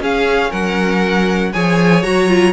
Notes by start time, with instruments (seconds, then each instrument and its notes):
0.00 cello C#4, viola C#4, violin G#4 F5
0.50 cello F#3, violin A#4 F#5
1.53 cello F3, viola G#4, violin C#5 G#5
2.03 cello F#3, viola F#4, violin A#5
2.28 viola F4